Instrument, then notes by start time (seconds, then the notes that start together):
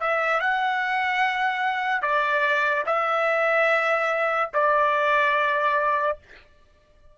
trumpet
0.00 E5
0.40 F#5
2.02 D5
2.86 E5
4.53 D5